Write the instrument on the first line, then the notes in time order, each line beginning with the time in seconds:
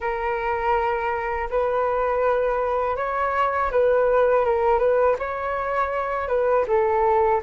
flute
0.00 A#4
1.50 B4
2.96 C#5
3.71 B4
4.45 A#4
4.78 B4
5.18 C#5
6.28 B4
6.67 A4